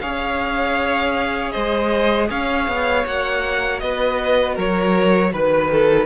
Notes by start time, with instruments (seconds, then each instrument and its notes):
0.00 cello C#4, viola G#4, violin C#5 F5
1.51 cello G#3, violin C5 D#5
2.30 cello C#4, violin C#5 F5
2.67 cello B3
3.06 cello A#3, viola F#4, violin F#5
3.79 cello B3, violin B4 D#5
4.54 cello F#3, violin A#4 C#5
5.32 cello D#3, violin B4
5.71 violin A4